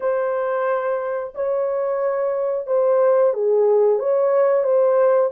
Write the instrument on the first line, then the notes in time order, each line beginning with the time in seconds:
horn
0.00 C5
1.35 C#5
2.66 C5
3.33 G#4
3.99 C#5
4.63 C5